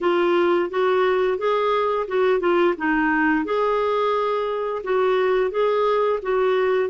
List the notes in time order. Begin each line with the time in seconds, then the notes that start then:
0.01 F4
0.70 F#4
1.38 G#4
2.07 F#4
2.39 F4
2.77 D#4
3.44 G#4
4.83 F#4
5.50 G#4
6.22 F#4